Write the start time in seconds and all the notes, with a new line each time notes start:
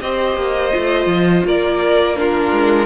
0.00 C4 G4 C5 D#5
0.36 A#3
0.71 A3 F4
1.06 F3
1.44 A#3 A#4 D5
2.16 D4 F4 A#4
2.51 G#3